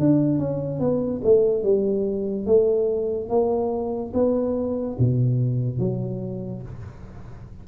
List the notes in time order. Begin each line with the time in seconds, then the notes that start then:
0.00 D4
0.39 C#4
0.80 B3
1.25 A3
1.64 G3
2.47 A3
3.30 A#3
4.14 B3
4.99 B2
5.79 F#3